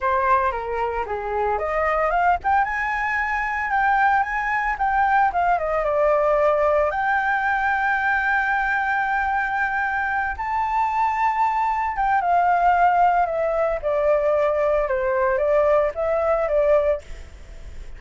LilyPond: \new Staff \with { instrumentName = "flute" } { \time 4/4 \tempo 4 = 113 c''4 ais'4 gis'4 dis''4 | f''8 g''8 gis''2 g''4 | gis''4 g''4 f''8 dis''8 d''4~ | d''4 g''2.~ |
g''2.~ g''8 a''8~ | a''2~ a''8 g''8 f''4~ | f''4 e''4 d''2 | c''4 d''4 e''4 d''4 | }